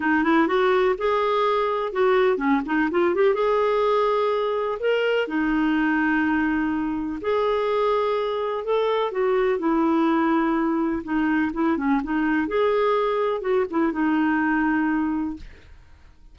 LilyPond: \new Staff \with { instrumentName = "clarinet" } { \time 4/4 \tempo 4 = 125 dis'8 e'8 fis'4 gis'2 | fis'4 cis'8 dis'8 f'8 g'8 gis'4~ | gis'2 ais'4 dis'4~ | dis'2. gis'4~ |
gis'2 a'4 fis'4 | e'2. dis'4 | e'8 cis'8 dis'4 gis'2 | fis'8 e'8 dis'2. | }